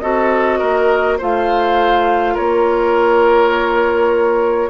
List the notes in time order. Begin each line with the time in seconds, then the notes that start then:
0.00 C4 F#4 A4 D#5
0.59 A#3 A#4
1.18 A3 F4 C5 F5
2.34 A#3 A#4 C#5